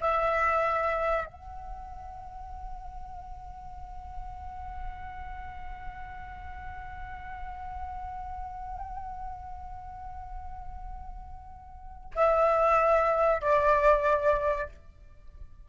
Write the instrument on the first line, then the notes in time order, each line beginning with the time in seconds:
flute
0.00 E5
1.26 F#5
12.15 E5
13.41 D5